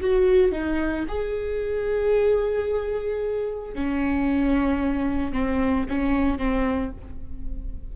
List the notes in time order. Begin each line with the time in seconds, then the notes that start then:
0.00 F#4
0.51 D#4
1.08 G#4
3.74 C#4
5.32 C4
5.89 C#4
6.37 C4